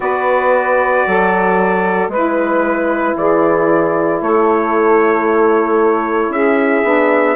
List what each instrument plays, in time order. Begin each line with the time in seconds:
0.00 bassoon B3, saxophone F#4 B4, trumpet D5
1.06 bassoon F#3, saxophone A4
2.08 bassoon G#3, saxophone E4 B4, trumpet B4
3.16 bassoon E3, saxophone G#4, trumpet D5
4.21 bassoon A3, saxophone A4, trumpet C#5
6.29 bassoon C#4, saxophone G#4, trumpet E5
6.84 bassoon B3, saxophone D4